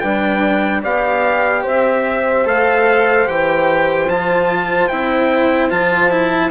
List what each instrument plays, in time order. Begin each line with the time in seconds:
0.00 bassoon G3, cello D4, horn B4, trumpet G5
0.82 bassoon B3, cello G4, horn D5, trumpet F5
1.63 bassoon C4, horn C5, trumpet E5
2.45 bassoon A3, cello A4, trumpet F5
3.25 bassoon E3, cello G4, trumpet G5
4.08 bassoon F3, cello F4, trumpet A5
4.88 bassoon C4, cello E4, trumpet G5
5.70 bassoon F3, cello F4, trumpet A5
6.10 cello E4